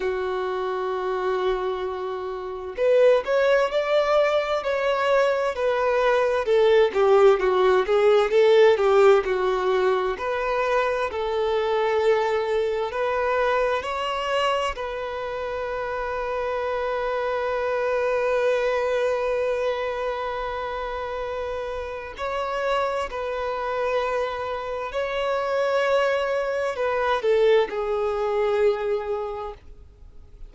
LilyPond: \new Staff \with { instrumentName = "violin" } { \time 4/4 \tempo 4 = 65 fis'2. b'8 cis''8 | d''4 cis''4 b'4 a'8 g'8 | fis'8 gis'8 a'8 g'8 fis'4 b'4 | a'2 b'4 cis''4 |
b'1~ | b'1 | cis''4 b'2 cis''4~ | cis''4 b'8 a'8 gis'2 | }